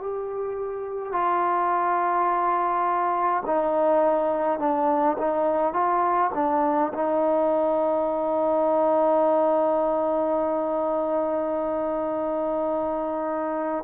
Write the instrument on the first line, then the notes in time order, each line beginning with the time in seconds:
trombone
0.00 G4
1.12 F4
3.46 D#4
4.59 D4
5.18 D#4
5.73 F4
6.35 D4
6.94 D#4